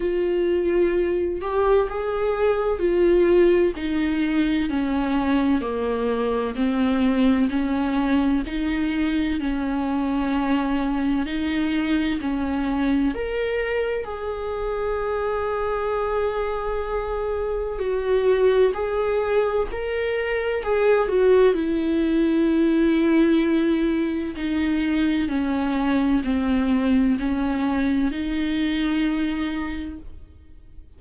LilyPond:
\new Staff \with { instrumentName = "viola" } { \time 4/4 \tempo 4 = 64 f'4. g'8 gis'4 f'4 | dis'4 cis'4 ais4 c'4 | cis'4 dis'4 cis'2 | dis'4 cis'4 ais'4 gis'4~ |
gis'2. fis'4 | gis'4 ais'4 gis'8 fis'8 e'4~ | e'2 dis'4 cis'4 | c'4 cis'4 dis'2 | }